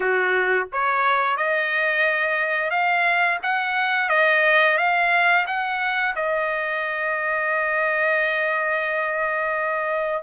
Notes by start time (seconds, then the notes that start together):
0.00 F#4
0.72 C#5
1.36 D#5
2.70 F5
3.42 F#5
4.09 D#5
4.77 F5
5.46 F#5
6.15 D#5